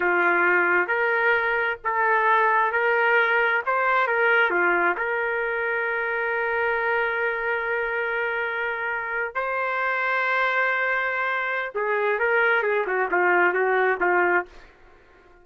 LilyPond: \new Staff \with { instrumentName = "trumpet" } { \time 4/4 \tempo 4 = 133 f'2 ais'2 | a'2 ais'2 | c''4 ais'4 f'4 ais'4~ | ais'1~ |
ais'1~ | ais'8. c''2.~ c''16~ | c''2 gis'4 ais'4 | gis'8 fis'8 f'4 fis'4 f'4 | }